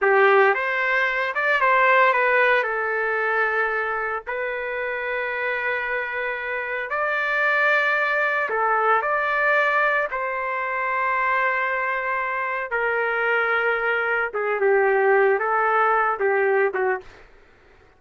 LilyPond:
\new Staff \with { instrumentName = "trumpet" } { \time 4/4 \tempo 4 = 113 g'4 c''4. d''8 c''4 | b'4 a'2. | b'1~ | b'4 d''2. |
a'4 d''2 c''4~ | c''1 | ais'2. gis'8 g'8~ | g'4 a'4. g'4 fis'8 | }